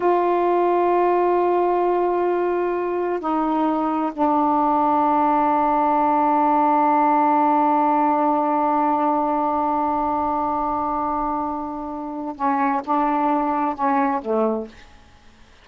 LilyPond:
\new Staff \with { instrumentName = "saxophone" } { \time 4/4 \tempo 4 = 131 f'1~ | f'2. dis'4~ | dis'4 d'2.~ | d'1~ |
d'1~ | d'1~ | d'2. cis'4 | d'2 cis'4 a4 | }